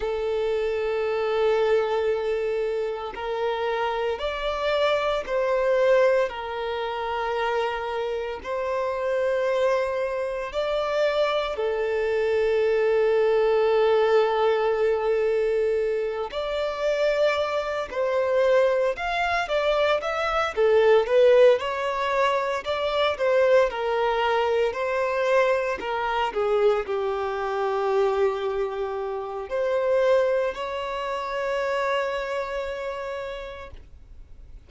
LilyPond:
\new Staff \with { instrumentName = "violin" } { \time 4/4 \tempo 4 = 57 a'2. ais'4 | d''4 c''4 ais'2 | c''2 d''4 a'4~ | a'2.~ a'8 d''8~ |
d''4 c''4 f''8 d''8 e''8 a'8 | b'8 cis''4 d''8 c''8 ais'4 c''8~ | c''8 ais'8 gis'8 g'2~ g'8 | c''4 cis''2. | }